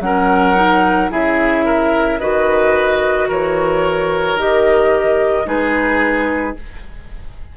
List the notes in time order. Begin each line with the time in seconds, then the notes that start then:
0.00 F#3 C#4 A#4 F#5
0.56 D#4
1.11 C#3 E4 G#4 E5
1.66 A#4
2.20 D#3 F#4 B4 D#5
3.28 E3 A#4 C#5
4.35 D#3 G4 D#5
5.45 G#3 D#4 G#4 B4